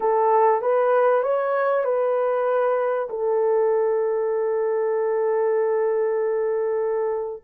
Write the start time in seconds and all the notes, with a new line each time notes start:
0.00 A4
0.61 B4
1.22 C#5
1.84 B4
3.09 A4